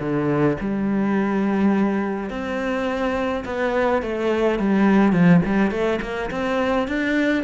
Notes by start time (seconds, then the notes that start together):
0.00 D3
0.61 G3
2.30 C4
3.45 B3
4.03 A3
4.59 G3
5.13 F3
5.46 G3
5.71 A3
6.02 A#3
6.31 C4
6.88 D4